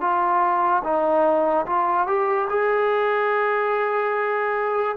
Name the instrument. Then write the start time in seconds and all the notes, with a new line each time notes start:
trombone
0.00 F4
0.83 D#4
1.66 F4
2.07 G4
2.49 G#4